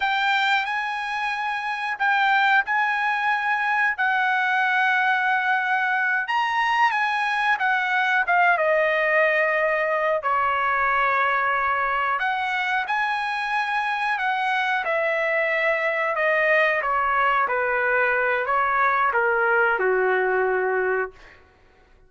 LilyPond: \new Staff \with { instrumentName = "trumpet" } { \time 4/4 \tempo 4 = 91 g''4 gis''2 g''4 | gis''2 fis''2~ | fis''4. ais''4 gis''4 fis''8~ | fis''8 f''8 dis''2~ dis''8 cis''8~ |
cis''2~ cis''8 fis''4 gis''8~ | gis''4. fis''4 e''4.~ | e''8 dis''4 cis''4 b'4. | cis''4 ais'4 fis'2 | }